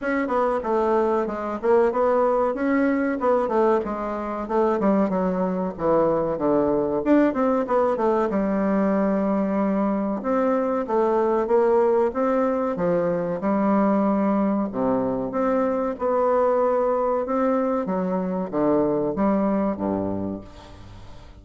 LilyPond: \new Staff \with { instrumentName = "bassoon" } { \time 4/4 \tempo 4 = 94 cis'8 b8 a4 gis8 ais8 b4 | cis'4 b8 a8 gis4 a8 g8 | fis4 e4 d4 d'8 c'8 | b8 a8 g2. |
c'4 a4 ais4 c'4 | f4 g2 c4 | c'4 b2 c'4 | fis4 d4 g4 g,4 | }